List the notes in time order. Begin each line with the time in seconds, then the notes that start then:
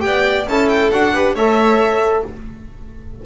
0.00 B3 G4 D5 G5
0.47 C#4 E4 A4 A5
0.69 G5
0.92 D4 F#4 F#5
1.14 G4 B4
1.35 A3 A4 C#5 E5